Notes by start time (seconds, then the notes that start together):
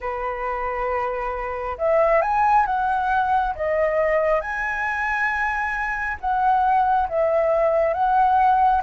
0.00 B4
1.78 E5
2.21 G#5
2.66 F#5
3.55 D#5
4.40 G#5
6.20 F#5
7.08 E5
7.93 F#5